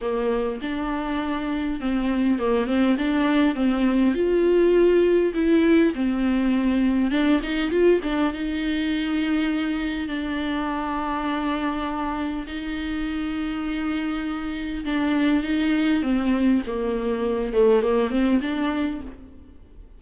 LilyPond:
\new Staff \with { instrumentName = "viola" } { \time 4/4 \tempo 4 = 101 ais4 d'2 c'4 | ais8 c'8 d'4 c'4 f'4~ | f'4 e'4 c'2 | d'8 dis'8 f'8 d'8 dis'2~ |
dis'4 d'2.~ | d'4 dis'2.~ | dis'4 d'4 dis'4 c'4 | ais4. a8 ais8 c'8 d'4 | }